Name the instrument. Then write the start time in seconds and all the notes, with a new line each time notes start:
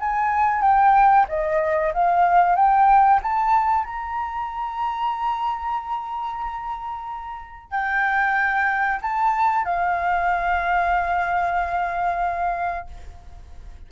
flute
0.00 G#5
0.61 G5
1.28 D#5
1.94 F5
2.55 G5
3.23 A5
3.84 A#5
7.71 G5
9.01 A5
9.65 F5